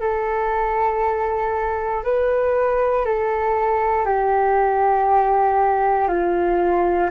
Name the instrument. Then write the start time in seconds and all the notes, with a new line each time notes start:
flute
0.00 A4
2.03 B4
3.05 A4
4.05 G4
6.08 F4